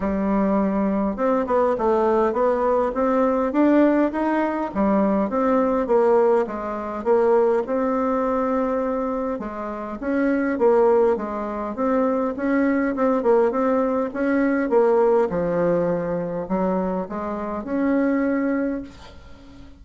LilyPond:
\new Staff \with { instrumentName = "bassoon" } { \time 4/4 \tempo 4 = 102 g2 c'8 b8 a4 | b4 c'4 d'4 dis'4 | g4 c'4 ais4 gis4 | ais4 c'2. |
gis4 cis'4 ais4 gis4 | c'4 cis'4 c'8 ais8 c'4 | cis'4 ais4 f2 | fis4 gis4 cis'2 | }